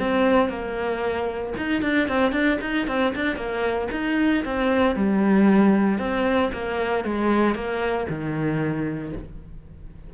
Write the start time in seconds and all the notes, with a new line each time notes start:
0.00 C4
0.50 A#3
1.58 D#4
1.83 D4
2.08 C4
2.32 D4
2.62 D#4
2.88 C4
3.16 D4
3.36 A#3
3.92 D#4
4.45 C4
4.96 G3
5.99 C4
6.53 A#3
7.05 G#3
7.55 A#3
8.10 D#3